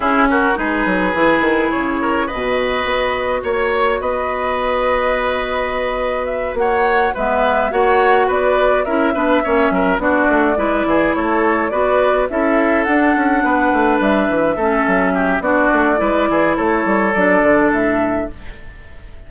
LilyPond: <<
  \new Staff \with { instrumentName = "flute" } { \time 4/4 \tempo 4 = 105 gis'8 ais'8 b'2 cis''4 | dis''2 cis''4 dis''4~ | dis''2. e''8 fis''8~ | fis''8 e''4 fis''4 d''4 e''8~ |
e''4. d''2 cis''8~ | cis''8 d''4 e''4 fis''4.~ | fis''8 e''2~ e''8 d''4~ | d''4 cis''4 d''4 e''4 | }
  \new Staff \with { instrumentName = "oboe" } { \time 4/4 e'8 fis'8 gis'2~ gis'8 ais'8 | b'2 cis''4 b'4~ | b'2.~ b'8 cis''8~ | cis''8 b'4 cis''4 b'4 ais'8 |
b'8 cis''8 ais'8 fis'4 b'8 gis'8 a'8~ | a'8 b'4 a'2 b'8~ | b'4. a'4 g'8 fis'4 | b'8 gis'8 a'2. | }
  \new Staff \with { instrumentName = "clarinet" } { \time 4/4 cis'4 dis'4 e'2 | fis'1~ | fis'1~ | fis'8 b4 fis'2 e'8 |
d'8 cis'4 d'4 e'4.~ | e'8 fis'4 e'4 d'4.~ | d'4. cis'4. d'4 | e'2 d'2 | }
  \new Staff \with { instrumentName = "bassoon" } { \time 4/4 cis'4 gis8 fis8 e8 dis8 cis4 | b,4 b4 ais4 b4~ | b2.~ b8 ais8~ | ais8 gis4 ais4 b4 cis'8 |
b8 ais8 fis8 b8 a8 gis8 e8 a8~ | a8 b4 cis'4 d'8 cis'8 b8 | a8 g8 e8 a8 fis4 b8 a8 | gis8 e8 a8 g8 fis8 d8 a,4 | }
>>